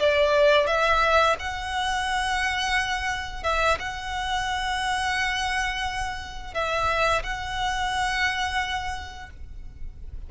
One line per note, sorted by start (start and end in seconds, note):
0.00 0.67 D5
0.67 1.36 E5
1.40 3.44 F#5
3.44 3.78 E5
3.80 6.54 F#5
6.54 7.23 E5
7.24 9.31 F#5